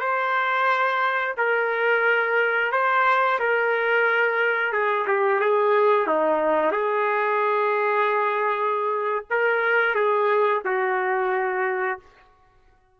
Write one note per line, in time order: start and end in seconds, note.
0.00 1.35 C5
1.37 2.72 A#4
2.72 3.39 C5
3.40 4.73 A#4
4.73 5.06 G#4
5.07 5.40 G4
5.40 6.07 G#4
6.07 6.72 D#4
6.72 9.25 G#4
9.30 9.95 A#4
9.95 10.62 G#4
10.65 12.00 F#4